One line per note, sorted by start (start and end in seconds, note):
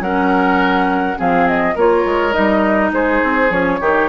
0.00 1.17 F#3
0.00 1.16 C#4
0.00 1.18 A#4
0.00 1.19 F#5
1.16 1.76 F3
1.16 1.75 C4
1.16 1.75 G#4
1.16 1.48 F5
1.48 1.77 D#5
1.75 2.05 A#3
1.75 2.32 F4
1.75 2.92 A#4
1.75 2.33 C#5
2.05 2.34 G#3
2.32 2.92 G3
2.32 3.49 D#4
2.32 2.91 D#5
2.92 3.21 G#3
2.92 3.81 G#4
2.92 3.52 C5
3.23 3.50 C4
3.50 3.79 F3
3.50 3.80 C#4
3.50 4.09 C#5
3.80 4.09 D#3
3.80 4.09 D#4
3.80 4.09 G4